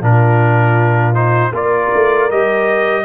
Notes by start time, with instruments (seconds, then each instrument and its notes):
0.00 tuba A#2, trombone D4, horn F4, trumpet A#4
1.14 trombone D#4, trumpet C5
1.52 tuba A#3, trombone F4, horn A#4, trumpet D5
1.95 tuba A3
2.31 tuba G3, trombone G4, trumpet D#5